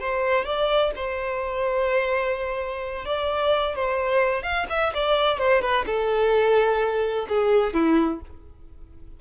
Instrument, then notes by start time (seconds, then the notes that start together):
violin
0.00 C5
0.45 D5
0.96 C5
3.05 D5
3.75 C5
4.43 F5
4.70 E5
4.94 D5
5.39 C5
5.61 B4
5.86 A4
7.29 G#4
7.74 E4